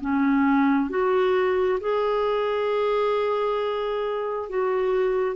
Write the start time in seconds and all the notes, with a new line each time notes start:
0.00 C#4
0.90 F#4
1.80 G#4
4.49 F#4